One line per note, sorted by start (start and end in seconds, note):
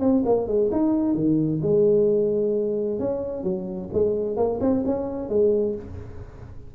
0.00 0.23 C4
0.25 0.47 A#3
0.47 0.70 G#3
0.72 1.15 D#4
1.15 1.61 D#3
1.62 2.99 G#3
2.99 3.44 C#4
3.44 3.89 F#3
3.93 4.37 G#3
4.37 4.59 A#3
4.61 4.84 C4
4.86 5.29 C#4
5.29 5.75 G#3